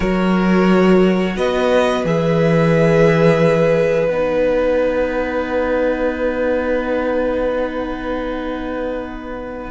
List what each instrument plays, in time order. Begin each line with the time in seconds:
0.00 cello F#3, viola F#4, violin A#4 C#5
1.36 cello B3, violin B4 D#5
2.04 cello E3, viola G#4, violin E5
4.07 cello B3, viola D#4, violin F#5